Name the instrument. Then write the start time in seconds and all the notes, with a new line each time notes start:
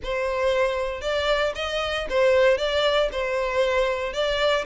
violin
0.03 C5
1.01 D5
1.55 D#5
2.09 C5
2.57 D5
3.12 C5
4.13 D5